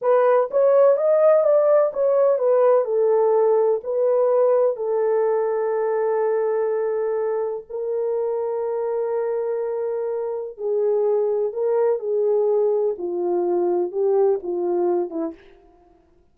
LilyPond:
\new Staff \with { instrumentName = "horn" } { \time 4/4 \tempo 4 = 125 b'4 cis''4 dis''4 d''4 | cis''4 b'4 a'2 | b'2 a'2~ | a'1 |
ais'1~ | ais'2 gis'2 | ais'4 gis'2 f'4~ | f'4 g'4 f'4. e'8 | }